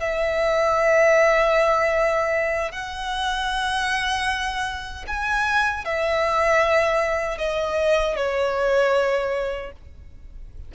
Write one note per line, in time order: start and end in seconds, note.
0.00 2.72 E5
2.72 5.05 F#5
5.07 5.85 G#5
5.85 7.38 E5
7.38 8.16 D#5
8.16 9.72 C#5